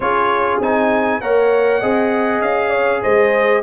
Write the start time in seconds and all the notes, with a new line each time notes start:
0.00 C#4 F4 G#4 C#5
0.60 C4 D#4 G#5
1.20 A#3 A#4 C#5 F#5
1.80 C4 G#4 D#5
2.41 C#4 F5
2.70 C#5
3.02 G#3 C5 D#5